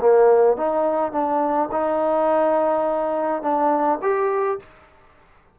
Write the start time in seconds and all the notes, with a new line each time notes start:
0.00 A#3
0.57 D#4
1.12 D4
1.72 D#4
3.42 D4
4.02 G4